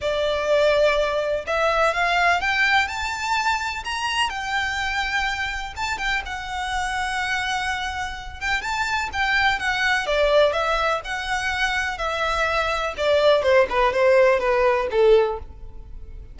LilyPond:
\new Staff \with { instrumentName = "violin" } { \time 4/4 \tempo 4 = 125 d''2. e''4 | f''4 g''4 a''2 | ais''4 g''2. | a''8 g''8 fis''2.~ |
fis''4. g''8 a''4 g''4 | fis''4 d''4 e''4 fis''4~ | fis''4 e''2 d''4 | c''8 b'8 c''4 b'4 a'4 | }